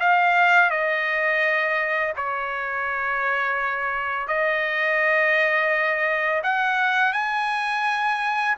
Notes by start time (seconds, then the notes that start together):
0.00 F5
0.70 D#5
2.17 C#5
4.28 D#5
6.44 F#5
7.13 G#5